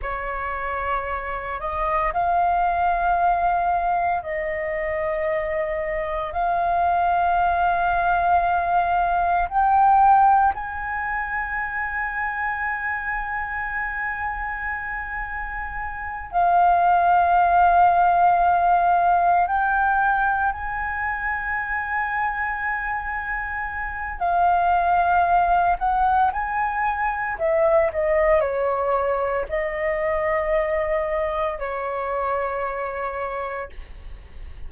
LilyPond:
\new Staff \with { instrumentName = "flute" } { \time 4/4 \tempo 4 = 57 cis''4. dis''8 f''2 | dis''2 f''2~ | f''4 g''4 gis''2~ | gis''2.~ gis''8 f''8~ |
f''2~ f''8 g''4 gis''8~ | gis''2. f''4~ | f''8 fis''8 gis''4 e''8 dis''8 cis''4 | dis''2 cis''2 | }